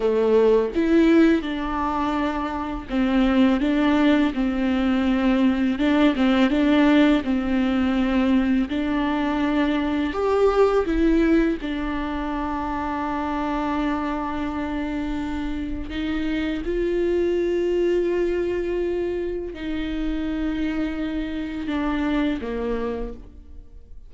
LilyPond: \new Staff \with { instrumentName = "viola" } { \time 4/4 \tempo 4 = 83 a4 e'4 d'2 | c'4 d'4 c'2 | d'8 c'8 d'4 c'2 | d'2 g'4 e'4 |
d'1~ | d'2 dis'4 f'4~ | f'2. dis'4~ | dis'2 d'4 ais4 | }